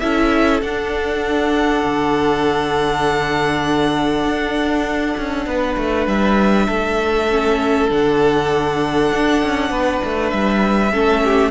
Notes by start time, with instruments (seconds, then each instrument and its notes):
0.00 cello C#4, viola E4, violin A4 E5
0.63 cello D4, viola D4, violin F#5
1.85 cello D3
4.25 cello D4
5.18 cello C#4
5.47 cello B3, violin B4
5.77 cello A3
6.07 cello G3, violin E5
6.67 cello A3, violin A4
7.31 viola C#4
7.89 cello D3, viola D4, violin F#5
9.12 cello D4
9.43 cello C#4
9.71 cello B3, violin B4
10.05 cello A3
10.30 cello G3, violin E5
10.93 cello A3, viola C#4, violin A4
11.25 violin G4